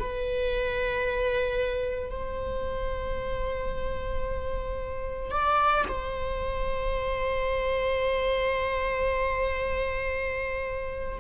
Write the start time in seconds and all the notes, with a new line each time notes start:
0.00 B4
2.11 C5
5.31 D5
5.89 C5